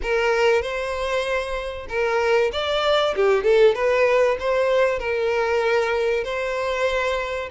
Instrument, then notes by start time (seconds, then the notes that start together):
violin
0.02 A#4
0.61 C5
1.88 A#4
2.52 D5
3.15 G4
3.43 A4
3.74 B4
4.39 C5
4.99 A#4
6.24 C5